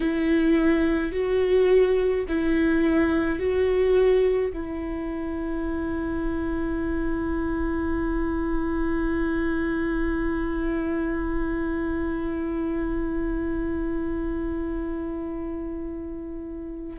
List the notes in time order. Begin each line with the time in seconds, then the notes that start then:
0.00 E4
1.12 F#4
2.28 E4
3.39 F#4
4.53 E4